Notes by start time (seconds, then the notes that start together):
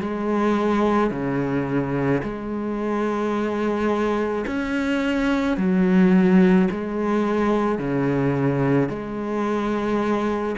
0.00 G#3
1.10 C#3
2.23 G#3
4.46 C#4
5.57 F#3
6.70 G#3
7.78 C#3
8.88 G#3